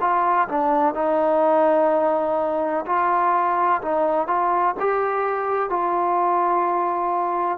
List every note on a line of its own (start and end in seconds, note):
0.00 0.48 F4
0.48 0.94 D4
0.94 2.85 D#4
2.86 3.81 F4
3.81 4.27 D#4
4.27 4.75 F4
4.80 5.69 G4
5.69 7.58 F4